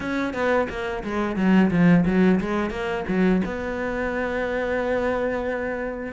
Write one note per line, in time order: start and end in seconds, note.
0.00 0.33 C#4
0.33 0.67 B3
0.69 1.03 A#3
1.03 1.36 G#3
1.36 1.70 F#3
1.70 2.05 F3
2.05 2.40 F#3
2.40 2.70 G#3
2.70 3.04 A#3
3.07 3.42 F#3
3.45 6.12 B3